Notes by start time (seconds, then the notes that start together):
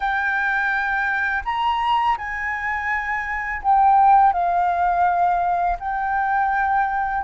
0.00 G5
1.45 A#5
2.17 G#5
3.62 G5
4.32 F5
5.79 G5